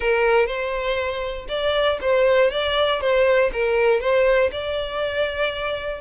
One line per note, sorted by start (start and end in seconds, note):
0.00 0.46 A#4
0.46 1.46 C5
1.48 1.98 D5
2.01 2.50 C5
2.50 3.00 D5
3.00 3.50 C5
3.52 4.00 A#4
4.00 4.50 C5
4.51 6.00 D5